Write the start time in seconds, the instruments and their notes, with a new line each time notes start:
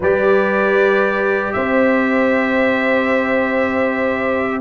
0.00 tuba G3, trombone G4, horn B4, trumpet D5
1.53 tuba C4, horn C5, trumpet E5